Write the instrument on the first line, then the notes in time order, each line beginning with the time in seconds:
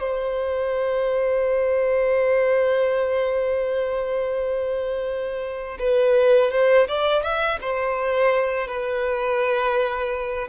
violin
0.00 C5
5.79 B4
6.52 C5
6.88 D5
7.24 E5
7.61 C5
8.68 B4